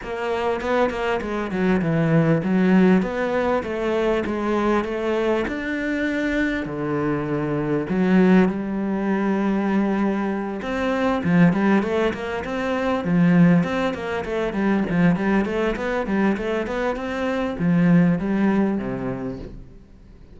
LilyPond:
\new Staff \with { instrumentName = "cello" } { \time 4/4 \tempo 4 = 99 ais4 b8 ais8 gis8 fis8 e4 | fis4 b4 a4 gis4 | a4 d'2 d4~ | d4 fis4 g2~ |
g4. c'4 f8 g8 a8 | ais8 c'4 f4 c'8 ais8 a8 | g8 f8 g8 a8 b8 g8 a8 b8 | c'4 f4 g4 c4 | }